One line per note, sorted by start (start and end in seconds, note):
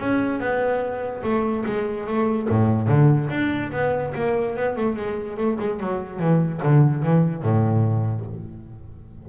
0.00 0.40 C#4
0.40 1.23 B3
1.23 1.65 A3
1.66 2.07 G#3
2.07 2.49 A3
2.50 2.88 A2
2.88 3.29 D3
3.30 3.72 D4
3.72 4.13 B3
4.15 4.56 A#3
4.56 4.77 B3
4.77 4.97 A3
4.97 5.38 G#3
5.38 5.58 A3
5.60 5.80 G#3
5.80 6.20 F#3
6.20 6.61 E3
6.63 7.03 D3
7.03 7.43 E3
7.43 8.26 A2